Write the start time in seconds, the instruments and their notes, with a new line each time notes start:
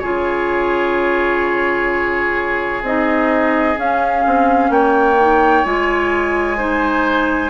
0.00 bassoon C#3, clarinet F4, oboe G#4, flute C#5
2.82 bassoon C4, clarinet D#4, flute D#5
3.75 clarinet C#4, bassoon C#4, flute F5
4.27 bassoon C4
4.70 bassoon A#3, oboe C#5, flute G5
5.20 clarinet D#4
5.65 bassoon G#3, clarinet F4, flute G#5
6.57 clarinet D#4, oboe C5